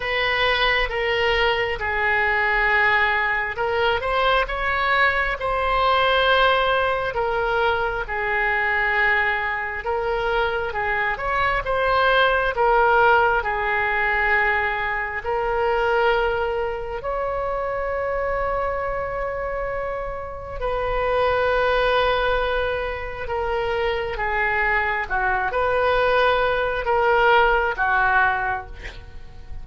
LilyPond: \new Staff \with { instrumentName = "oboe" } { \time 4/4 \tempo 4 = 67 b'4 ais'4 gis'2 | ais'8 c''8 cis''4 c''2 | ais'4 gis'2 ais'4 | gis'8 cis''8 c''4 ais'4 gis'4~ |
gis'4 ais'2 cis''4~ | cis''2. b'4~ | b'2 ais'4 gis'4 | fis'8 b'4. ais'4 fis'4 | }